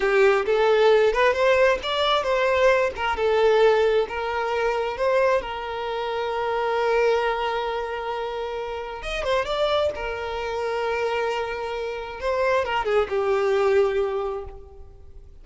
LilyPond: \new Staff \with { instrumentName = "violin" } { \time 4/4 \tempo 4 = 133 g'4 a'4. b'8 c''4 | d''4 c''4. ais'8 a'4~ | a'4 ais'2 c''4 | ais'1~ |
ais'1 | dis''8 c''8 d''4 ais'2~ | ais'2. c''4 | ais'8 gis'8 g'2. | }